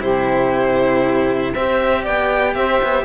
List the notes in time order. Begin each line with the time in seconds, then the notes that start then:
0.00 C3 E4 G4 C5
1.54 C4 G4 C5 E5
2.02 B3 D5 G5
2.54 C4 C5 E5
2.83 B3